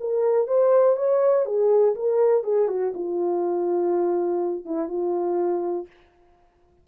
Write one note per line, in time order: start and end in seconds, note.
0.00 0.47 A#4
0.47 0.96 C5
0.96 1.45 C#5
1.45 1.94 G#4
1.95 2.43 A#4
2.43 2.68 G#4
2.68 2.93 F#4
2.94 4.65 F4
4.65 4.88 E4
4.88 5.87 F4